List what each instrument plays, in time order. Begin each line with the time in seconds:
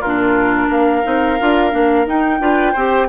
0.00 bassoon A#2, clarinet D4, oboe F4, flute A#4
0.67 bassoon A#3, oboe A#4, flute F5
1.03 bassoon C4, clarinet D#4
1.40 bassoon D4, clarinet F4
1.71 bassoon A#3, clarinet D4
2.06 clarinet D#4, bassoon D#4, flute G5
2.39 bassoon D4, clarinet F4, oboe B4
2.72 bassoon C4, clarinet G4, oboe C5